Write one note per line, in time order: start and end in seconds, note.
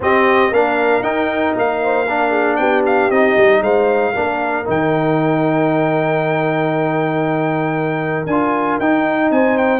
0.00 0.50 C4
0.00 0.53 C4
0.00 0.52 G4
0.00 0.53 D#5
0.50 1.02 A#3
0.50 1.02 D4
0.50 1.81 A#4
0.50 1.03 F5
1.02 1.53 D#4
1.02 2.06 D#4
1.02 1.54 G5
1.56 2.58 A#3
1.56 2.56 F5
1.83 2.06 C5
2.06 3.12 D4
2.06 2.30 A#4
2.30 2.56 G#4
2.56 3.09 B3
2.56 3.62 G4
2.56 2.82 G5
2.86 3.11 F5
3.09 3.35 C4
3.09 4.14 D#4
3.09 3.62 D#5
3.37 3.61 G3
3.61 4.13 G#3
3.61 4.12 C5
3.61 4.66 F5
4.12 4.67 A#3
4.12 4.65 D4
4.12 9.30 A#4
4.65 8.26 D#3
4.65 8.27 D#4
4.65 8.26 G5
8.26 8.78 D4
8.26 8.81 F4
8.26 8.78 G#5
8.79 9.30 D#4
8.79 9.80 D#4
8.79 9.31 G5
9.30 9.80 C4
9.30 9.80 C5
9.30 9.57 G#5
9.57 9.80 G5